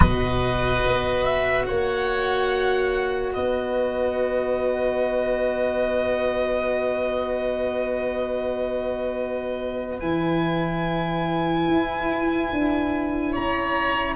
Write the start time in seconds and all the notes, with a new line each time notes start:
0.00 B2 F#4 B4 D#5
0.84 B3
1.23 E5
1.65 A#3 C#5 F#5
3.33 B3 B4 D#5
9.99 E3 E4 G#5
11.67 E4
12.52 D4
13.31 C#4 C#5 A#5